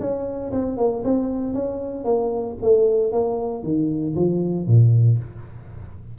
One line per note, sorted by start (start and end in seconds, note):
0.00 0.52 C#4
0.52 0.77 C4
0.77 1.03 A#3
1.04 1.54 C4
1.54 2.04 C#4
2.04 2.56 A#3
2.62 3.12 A3
3.12 3.63 A#3
3.63 4.15 D#3
4.15 4.66 F3
4.66 5.18 A#2